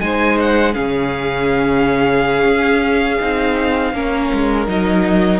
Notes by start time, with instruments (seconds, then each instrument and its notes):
0.00 cello G#3, viola D#4, violin C5 G#5
0.40 violin F#5
0.73 cello C#3, viola C#4, violin G#4 F5
2.44 cello C#4
3.21 cello C4, viola D#4
3.93 cello A#3, viola C#4, violin A#4
4.33 cello G#3
4.66 cello F#3, viola D#4, violin D#5